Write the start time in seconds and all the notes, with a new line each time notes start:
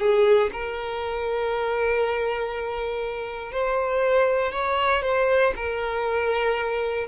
0.00 G#4
0.52 A#4
3.52 C5
4.52 C#5
5.02 C5
5.56 A#4